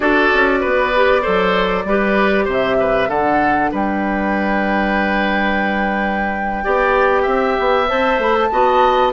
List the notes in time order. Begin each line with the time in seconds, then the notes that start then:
0.00 D4 F#4 A4 D5
0.34 C#4
0.60 B3 B4
0.95 G4
1.22 F#3 A4 C5
1.84 G3 G4 B4
2.44 C3 C5
2.50 E5
2.79 B4
3.08 D3 D4 A4 F#5
3.71 G3 B4 G5
6.63 B3 G4 D5
7.22 C4 E5
7.59 B3
7.88 C4 C5 A5
8.18 A3 B5
8.35 A5
8.51 B3 F#4 D#5